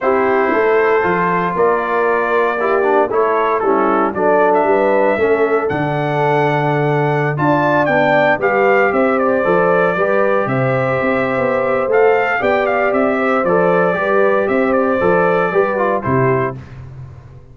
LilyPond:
<<
  \new Staff \with { instrumentName = "trumpet" } { \time 4/4 \tempo 4 = 116 c''2. d''4~ | d''2 cis''4 a'4 | d''8. e''2~ e''16 fis''4~ | fis''2~ fis''16 a''4 g''8.~ |
g''16 f''4 e''8 d''2~ d''16~ | d''16 e''2~ e''8. f''4 | g''8 f''8 e''4 d''2 | e''8 d''2~ d''8 c''4 | }
  \new Staff \with { instrumentName = "horn" } { \time 4/4 g'4 a'2 ais'4~ | ais'4 g'4 a'4 e'4 | a'4 b'4 a'2~ | a'2~ a'16 d''4.~ d''16~ |
d''16 b'4 c''2 b'8.~ | b'16 c''2.~ c''8. | d''4. c''4. b'4 | c''2 b'4 g'4 | }
  \new Staff \with { instrumentName = "trombone" } { \time 4/4 e'2 f'2~ | f'4 e'8 d'8 e'4 cis'4 | d'2 cis'4 d'4~ | d'2~ d'16 f'4 d'8.~ |
d'16 g'2 a'4 g'8.~ | g'2. a'4 | g'2 a'4 g'4~ | g'4 a'4 g'8 f'8 e'4 | }
  \new Staff \with { instrumentName = "tuba" } { \time 4/4 c'4 a4 f4 ais4~ | ais2 a4 g4 | fis4 g4 a4 d4~ | d2~ d16 d'4 b8.~ |
b16 g4 c'4 f4 g8.~ | g16 c4 c'8. b4 a4 | b4 c'4 f4 g4 | c'4 f4 g4 c4 | }
>>